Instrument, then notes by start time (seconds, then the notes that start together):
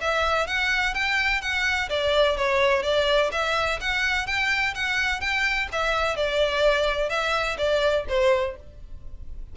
violin
0.00 E5
0.47 F#5
0.94 G5
1.41 F#5
1.89 D5
2.37 C#5
2.82 D5
3.31 E5
3.80 F#5
4.26 G5
4.74 F#5
5.20 G5
5.72 E5
6.16 D5
7.09 E5
7.57 D5
8.08 C5